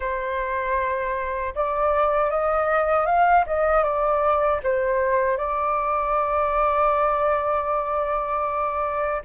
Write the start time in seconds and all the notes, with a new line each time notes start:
0.00 C5
1.55 D5
2.30 D#5
3.06 F5
3.46 D#5
3.83 D5
4.63 C5
5.37 D5